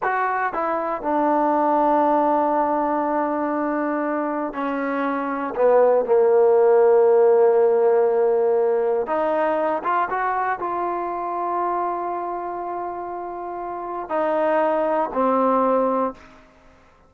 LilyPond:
\new Staff \with { instrumentName = "trombone" } { \time 4/4 \tempo 4 = 119 fis'4 e'4 d'2~ | d'1~ | d'4 cis'2 b4 | ais1~ |
ais2 dis'4. f'8 | fis'4 f'2.~ | f'1 | dis'2 c'2 | }